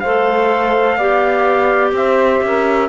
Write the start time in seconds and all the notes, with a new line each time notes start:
0.00 A3 A4 C5 F5
0.97 B3 G4 D5
1.92 C4 C5 E5
2.44 C#4 A#4